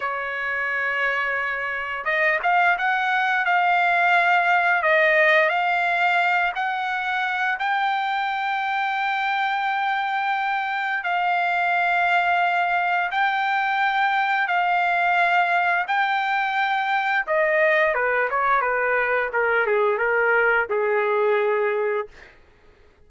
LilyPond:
\new Staff \with { instrumentName = "trumpet" } { \time 4/4 \tempo 4 = 87 cis''2. dis''8 f''8 | fis''4 f''2 dis''4 | f''4. fis''4. g''4~ | g''1 |
f''2. g''4~ | g''4 f''2 g''4~ | g''4 dis''4 b'8 cis''8 b'4 | ais'8 gis'8 ais'4 gis'2 | }